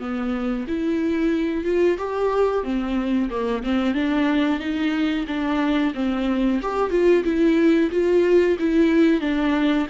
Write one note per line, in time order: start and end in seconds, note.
0.00 0.66 B3
0.68 1.65 E4
1.65 1.98 F4
1.98 2.64 G4
2.64 3.30 C4
3.30 3.63 A#3
3.64 3.94 C4
3.94 4.60 D4
4.60 5.26 D#4
5.27 5.93 D4
5.95 6.61 C4
6.62 6.91 G4
6.91 7.23 F4
7.24 7.90 E4
7.91 8.57 F4
8.59 9.21 E4
9.21 9.87 D4